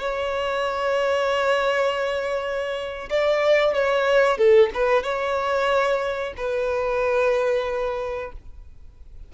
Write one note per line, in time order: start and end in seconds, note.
0.00 3.10 C#5
3.10 3.74 D5
3.74 4.38 C#5
4.38 4.70 A4
4.74 5.04 B4
5.04 6.34 C#5
6.37 8.33 B4